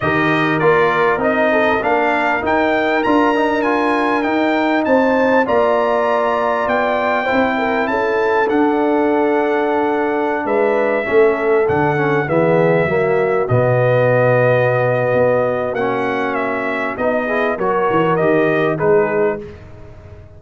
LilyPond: <<
  \new Staff \with { instrumentName = "trumpet" } { \time 4/4 \tempo 4 = 99 dis''4 d''4 dis''4 f''4 | g''4 ais''4 gis''4 g''4 | a''4 ais''2 g''4~ | g''4 a''4 fis''2~ |
fis''4~ fis''16 e''2 fis''8.~ | fis''16 e''2 dis''4.~ dis''16~ | dis''2 fis''4 e''4 | dis''4 cis''4 dis''4 b'4 | }
  \new Staff \with { instrumentName = "horn" } { \time 4/4 ais'2~ ais'8 a'8 ais'4~ | ais'1 | c''4 d''2. | c''8 ais'8 a'2.~ |
a'4~ a'16 b'4 a'4.~ a'16~ | a'16 gis'4 fis'2~ fis'8.~ | fis'1~ | fis'8 gis'8 ais'2 gis'4 | }
  \new Staff \with { instrumentName = "trombone" } { \time 4/4 g'4 f'4 dis'4 d'4 | dis'4 f'8 dis'8 f'4 dis'4~ | dis'4 f'2. | e'2 d'2~ |
d'2~ d'16 cis'4 d'8 cis'16~ | cis'16 b4 ais4 b4.~ b16~ | b2 cis'2 | dis'8 e'8 fis'4 g'4 dis'4 | }
  \new Staff \with { instrumentName = "tuba" } { \time 4/4 dis4 ais4 c'4 ais4 | dis'4 d'2 dis'4 | c'4 ais2 b4 | c'4 cis'4 d'2~ |
d'4~ d'16 gis4 a4 d8.~ | d16 e4 fis4 b,4.~ b,16~ | b,4 b4 ais2 | b4 fis8 e8 dis4 gis4 | }
>>